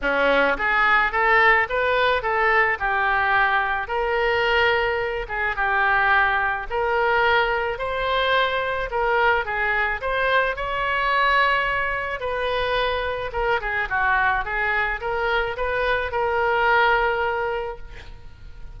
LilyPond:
\new Staff \with { instrumentName = "oboe" } { \time 4/4 \tempo 4 = 108 cis'4 gis'4 a'4 b'4 | a'4 g'2 ais'4~ | ais'4. gis'8 g'2 | ais'2 c''2 |
ais'4 gis'4 c''4 cis''4~ | cis''2 b'2 | ais'8 gis'8 fis'4 gis'4 ais'4 | b'4 ais'2. | }